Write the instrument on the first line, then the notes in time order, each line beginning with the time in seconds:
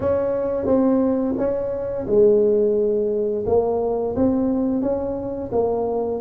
tuba
0.00 C#4
0.66 C4
1.37 C#4
2.07 G#3
3.46 A#3
4.15 C4
4.81 C#4
5.51 A#3